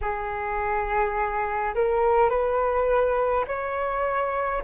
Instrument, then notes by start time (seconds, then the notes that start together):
flute
0.01 G#4
1.75 A#4
2.29 B4
3.47 C#5